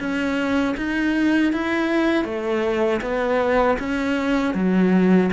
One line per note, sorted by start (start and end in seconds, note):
0.00 0.76 C#4
0.77 1.53 D#4
1.53 2.25 E4
2.25 3.01 A3
3.02 3.78 B3
3.79 4.55 C#4
4.55 5.31 F#3